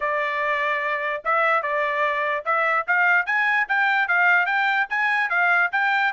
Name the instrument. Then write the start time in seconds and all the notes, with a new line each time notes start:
trumpet
0.00 D5
1.24 E5
1.62 D5
2.45 E5
2.87 F5
3.26 G#5
3.68 G5
4.08 F5
4.46 G5
4.89 G#5
5.29 F5
5.71 G5